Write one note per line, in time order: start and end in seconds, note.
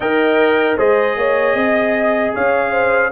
0.00 0.77 D#4
0.00 0.78 A#4
0.00 0.77 D#5
0.00 0.76 G5
0.77 1.16 G#3
0.77 3.11 G#4
0.77 1.16 C5
0.77 2.35 D#5
1.16 1.55 A#3
1.16 1.56 C#5
1.55 2.32 C4
1.55 2.34 D#5
2.34 3.12 C#4
2.34 2.71 C#5
2.34 3.12 F5
2.71 3.10 C5